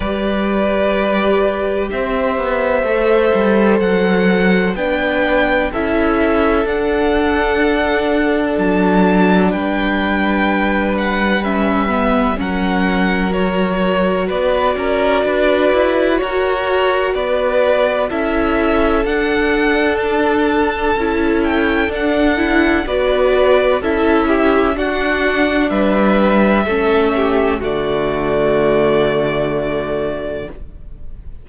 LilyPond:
<<
  \new Staff \with { instrumentName = "violin" } { \time 4/4 \tempo 4 = 63 d''2 e''2 | fis''4 g''4 e''4 fis''4~ | fis''4 a''4 g''4. fis''8 | e''4 fis''4 cis''4 d''4~ |
d''4 cis''4 d''4 e''4 | fis''4 a''4. g''8 fis''4 | d''4 e''4 fis''4 e''4~ | e''4 d''2. | }
  \new Staff \with { instrumentName = "violin" } { \time 4/4 b'2 c''2~ | c''4 b'4 a'2~ | a'2 b'2~ | b'4 ais'2 b'8 ais'8 |
b'4 ais'4 b'4 a'4~ | a'1 | b'4 a'8 g'8 fis'4 b'4 | a'8 g'8 fis'2. | }
  \new Staff \with { instrumentName = "viola" } { \time 4/4 g'2. a'4~ | a'4 d'4 e'4 d'4~ | d'1 | cis'8 b8 cis'4 fis'2~ |
fis'2. e'4 | d'2 e'4 d'8 e'8 | fis'4 e'4 d'2 | cis'4 a2. | }
  \new Staff \with { instrumentName = "cello" } { \time 4/4 g2 c'8 b8 a8 g8 | fis4 b4 cis'4 d'4~ | d'4 fis4 g2~ | g4 fis2 b8 cis'8 |
d'8 e'8 fis'4 b4 cis'4 | d'2 cis'4 d'4 | b4 cis'4 d'4 g4 | a4 d2. | }
>>